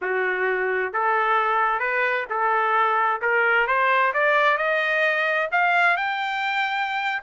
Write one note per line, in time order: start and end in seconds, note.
0.01 0.92 F#4
0.92 1.79 A4
1.79 2.25 B4
2.29 3.21 A4
3.21 3.67 A#4
3.67 4.13 C5
4.13 4.57 D5
4.57 5.49 D#5
5.51 5.97 F5
5.97 7.22 G5